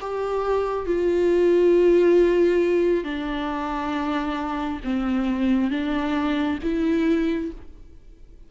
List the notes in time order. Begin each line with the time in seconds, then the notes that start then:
0.00 G4
0.86 F4
3.04 D4
4.84 C4
5.70 D4
6.63 E4